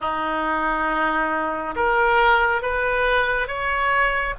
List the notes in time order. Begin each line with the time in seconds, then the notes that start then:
0.00 D#4
1.75 A#4
2.61 B4
3.47 C#5